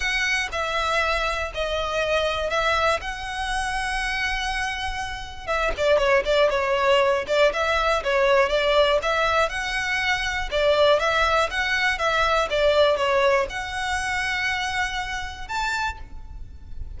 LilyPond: \new Staff \with { instrumentName = "violin" } { \time 4/4 \tempo 4 = 120 fis''4 e''2 dis''4~ | dis''4 e''4 fis''2~ | fis''2. e''8 d''8 | cis''8 d''8 cis''4. d''8 e''4 |
cis''4 d''4 e''4 fis''4~ | fis''4 d''4 e''4 fis''4 | e''4 d''4 cis''4 fis''4~ | fis''2. a''4 | }